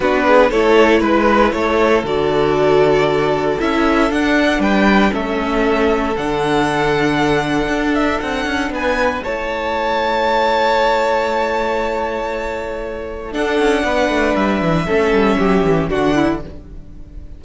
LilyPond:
<<
  \new Staff \with { instrumentName = "violin" } { \time 4/4 \tempo 4 = 117 b'4 cis''4 b'4 cis''4 | d''2. e''4 | fis''4 g''4 e''2 | fis''2.~ fis''8 e''8 |
fis''4 gis''4 a''2~ | a''1~ | a''2 fis''2 | e''2. fis''4 | }
  \new Staff \with { instrumentName = "violin" } { \time 4/4 fis'8 gis'8 a'4 b'4 a'4~ | a'1~ | a'4 b'4 a'2~ | a'1~ |
a'4 b'4 cis''2~ | cis''1~ | cis''2 a'4 b'4~ | b'4 a'4 g'4 fis'8 e'8 | }
  \new Staff \with { instrumentName = "viola" } { \time 4/4 d'4 e'2. | fis'2. e'4 | d'2 cis'2 | d'1~ |
d'2 e'2~ | e'1~ | e'2 d'2~ | d'4 cis'2 d'4 | }
  \new Staff \with { instrumentName = "cello" } { \time 4/4 b4 a4 gis4 a4 | d2. cis'4 | d'4 g4 a2 | d2. d'4 |
c'8 cis'8 b4 a2~ | a1~ | a2 d'8 cis'8 b8 a8 | g8 e8 a8 g8 fis8 e8 d4 | }
>>